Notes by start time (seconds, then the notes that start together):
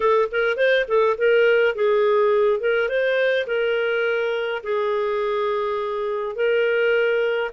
0.00 A4
0.31 A#4
0.56 C5
0.88 A4
1.17 A#4
1.75 G#4
2.60 A#4
2.88 C5
3.46 A#4
4.63 G#4
6.35 A#4